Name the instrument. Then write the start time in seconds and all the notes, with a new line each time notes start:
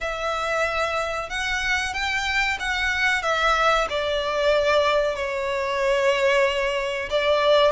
violin
0.01 E5
1.29 F#5
1.93 G5
2.59 F#5
3.22 E5
3.89 D5
5.15 C#5
7.10 D5